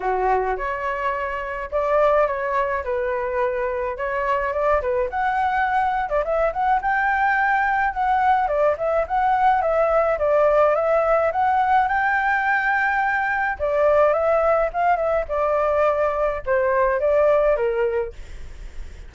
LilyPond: \new Staff \with { instrumentName = "flute" } { \time 4/4 \tempo 4 = 106 fis'4 cis''2 d''4 | cis''4 b'2 cis''4 | d''8 b'8 fis''4.~ fis''16 d''16 e''8 fis''8 | g''2 fis''4 d''8 e''8 |
fis''4 e''4 d''4 e''4 | fis''4 g''2. | d''4 e''4 f''8 e''8 d''4~ | d''4 c''4 d''4 ais'4 | }